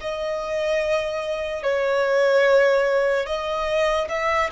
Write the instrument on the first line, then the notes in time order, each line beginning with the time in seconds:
violin
0.00 D#5
1.63 C#5
3.26 D#5
4.08 E5